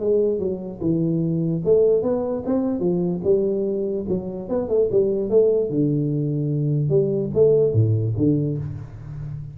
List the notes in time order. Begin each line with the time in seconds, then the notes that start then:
0.00 G#3
0.39 F#3
0.81 E3
1.65 A3
2.03 B3
2.46 C4
2.80 F3
3.24 G3
4.09 F#3
4.49 B3
4.69 A3
4.91 G3
5.30 A3
5.70 D3
6.89 G3
7.34 A3
7.73 A2
8.17 D3